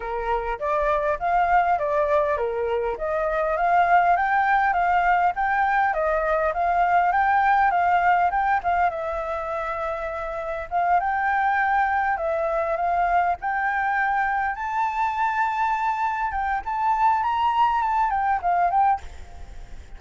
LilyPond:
\new Staff \with { instrumentName = "flute" } { \time 4/4 \tempo 4 = 101 ais'4 d''4 f''4 d''4 | ais'4 dis''4 f''4 g''4 | f''4 g''4 dis''4 f''4 | g''4 f''4 g''8 f''8 e''4~ |
e''2 f''8 g''4.~ | g''8 e''4 f''4 g''4.~ | g''8 a''2. g''8 | a''4 ais''4 a''8 g''8 f''8 g''8 | }